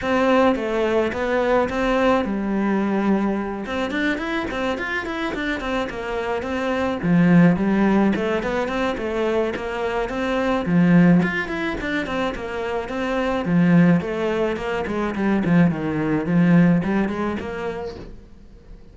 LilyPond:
\new Staff \with { instrumentName = "cello" } { \time 4/4 \tempo 4 = 107 c'4 a4 b4 c'4 | g2~ g8 c'8 d'8 e'8 | c'8 f'8 e'8 d'8 c'8 ais4 c'8~ | c'8 f4 g4 a8 b8 c'8 |
a4 ais4 c'4 f4 | f'8 e'8 d'8 c'8 ais4 c'4 | f4 a4 ais8 gis8 g8 f8 | dis4 f4 g8 gis8 ais4 | }